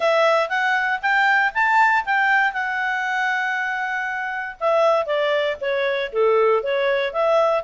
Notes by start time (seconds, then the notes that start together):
0.00 E5
0.49 F#5
1.02 G5
1.54 A5
2.05 G5
2.52 F#5
4.60 E5
5.06 D5
5.60 C#5
6.12 A4
6.63 C#5
7.12 E5